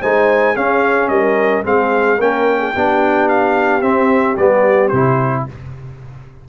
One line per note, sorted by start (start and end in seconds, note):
0.00 0.55 G#3
0.00 0.55 D#4
0.00 0.54 C5
0.00 0.56 G#5
0.54 1.63 C#4
0.54 1.09 C#4
0.54 1.09 G#4
0.54 1.08 F5
1.08 1.63 G3
1.08 1.64 A#4
1.08 1.63 D#5
1.63 2.19 G#3
1.63 2.17 C4
1.63 2.17 G#4
1.63 2.21 F5
2.17 2.74 A#3
2.17 2.75 C#4
2.17 2.58 A#4
2.17 3.29 G5
2.59 2.72 G#4
2.74 3.81 B3
2.74 3.82 D4
2.74 5.47 G4
3.29 3.81 F5
3.81 4.36 C4
3.81 4.37 C4
3.81 4.36 E5
4.37 4.91 G3
4.37 4.93 B3
4.37 4.88 D5
4.88 5.46 C3
4.88 5.42 C5
4.94 5.49 E4